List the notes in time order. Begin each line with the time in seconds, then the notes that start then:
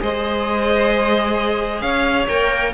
0.00 G#3 G#4 C5 D#5
1.82 C#4 C#5 F5
2.28 A#3 A#4 G5